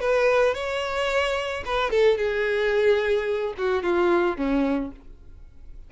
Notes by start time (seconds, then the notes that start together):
0.00 B4
0.54 C#5
1.65 B4
1.90 A4
2.17 G#4
3.58 F#4
3.83 F4
4.36 C#4